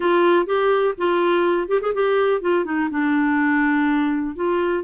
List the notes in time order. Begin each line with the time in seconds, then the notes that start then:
0.00 F4
0.46 G4
0.97 F4
1.68 G4
1.81 G#4
1.94 G4
2.41 F4
2.64 D#4
2.90 D4
4.35 F4